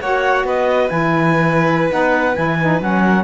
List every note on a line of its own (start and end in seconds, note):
0.00 0.43 A#3
0.00 0.89 F#4
0.00 0.46 C#5
0.00 0.46 F#5
0.43 0.88 B3
0.43 3.02 B4
0.43 0.89 D#5
0.89 1.91 E3
0.89 1.89 E4
0.89 1.89 G#5
1.89 2.37 B3
1.89 2.34 D#4
1.89 2.35 F#5
2.35 2.80 E3
2.35 2.57 E4
2.35 2.80 G#5
2.61 2.80 D#4
2.80 3.24 F#3
2.80 3.24 C#4
2.80 3.24 F#5
3.02 3.24 A#4